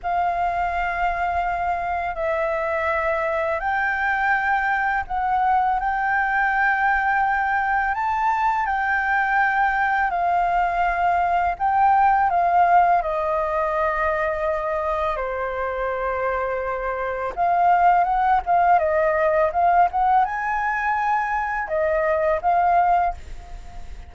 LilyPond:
\new Staff \with { instrumentName = "flute" } { \time 4/4 \tempo 4 = 83 f''2. e''4~ | e''4 g''2 fis''4 | g''2. a''4 | g''2 f''2 |
g''4 f''4 dis''2~ | dis''4 c''2. | f''4 fis''8 f''8 dis''4 f''8 fis''8 | gis''2 dis''4 f''4 | }